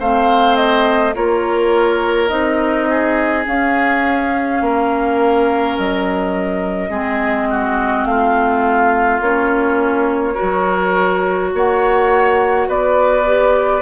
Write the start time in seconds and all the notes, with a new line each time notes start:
0.00 A3 C4 C5 F5
0.56 D#5
1.15 A#3 F4 A#4 C#5
2.29 C4 D#4 D#5
2.90 G#4
3.46 C#4 F5
4.62 A#3 A#4
5.78 F#3 D#5
6.90 G#3 C4 G#4
7.50 F#4
8.05 A3 F4 F5
9.21 A#3 C#4 C#5
10.35 F#4 A#4
10.42 F#3
11.54 A#3 C#5 F#5
12.68 B3 B4 D5
13.25 G4